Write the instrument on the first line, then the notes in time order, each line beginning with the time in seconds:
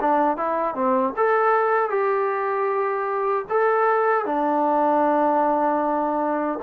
trombone
0.00 D4
0.36 E4
0.74 C4
1.16 A4
1.89 G4
3.49 A4
4.25 D4